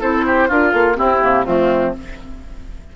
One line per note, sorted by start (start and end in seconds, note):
0.00 0.49 C4
0.00 0.48 E4
0.00 0.24 A4
0.00 0.50 C5
0.26 0.48 G4
0.48 0.73 D4
0.48 0.96 F4
0.48 0.94 F4
0.48 0.71 A#4
0.71 0.97 A#3
0.71 0.95 A4
0.94 1.18 C4
0.94 1.22 C4
0.94 1.45 E4
0.94 1.44 G4
1.21 1.46 C3
1.21 1.45 A#3
1.44 1.96 F3
1.44 1.94 A3
1.44 1.93 C4
1.44 1.92 F4